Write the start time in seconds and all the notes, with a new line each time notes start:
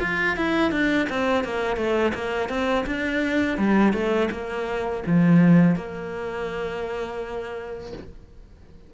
0.00 F4
0.36 E4
0.71 D4
1.09 C4
1.44 A#3
1.76 A3
2.14 A#3
2.48 C4
2.86 D4
3.57 G3
3.93 A3
4.31 A#3
5.06 F3
5.75 A#3